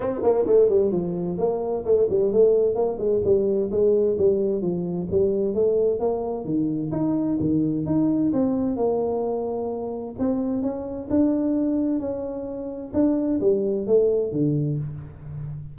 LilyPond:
\new Staff \with { instrumentName = "tuba" } { \time 4/4 \tempo 4 = 130 c'8 ais8 a8 g8 f4 ais4 | a8 g8 a4 ais8 gis8 g4 | gis4 g4 f4 g4 | a4 ais4 dis4 dis'4 |
dis4 dis'4 c'4 ais4~ | ais2 c'4 cis'4 | d'2 cis'2 | d'4 g4 a4 d4 | }